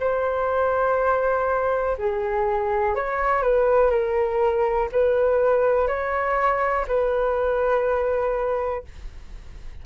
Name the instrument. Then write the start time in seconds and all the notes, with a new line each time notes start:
flute
0.00 C5
1.98 G#4
2.95 C#5
3.42 B4
3.90 A#4
4.92 B4
5.87 C#5
6.88 B4